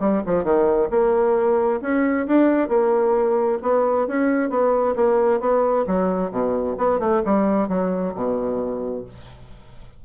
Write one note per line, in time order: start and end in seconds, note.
0.00 0.23 G3
0.26 0.44 F3
0.44 0.89 D#3
0.90 1.81 A#3
1.81 2.27 C#4
2.27 2.69 D4
2.69 3.59 A#3
3.62 4.07 B3
4.07 4.50 C#4
4.50 4.95 B3
4.96 5.40 A#3
5.40 5.85 B3
5.87 6.31 F#3
6.31 6.76 B2
6.78 7.00 B3
7.00 7.22 A3
7.25 7.69 G3
7.69 8.14 F#3
8.15 9.05 B2